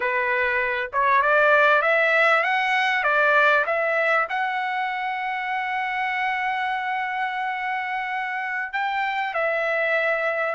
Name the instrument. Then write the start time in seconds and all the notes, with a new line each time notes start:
trumpet
0.00 B4
0.92 C#5
1.21 D5
1.82 E5
2.43 F#5
3.03 D5
3.65 E5
4.29 F#5
8.72 G5
9.34 E5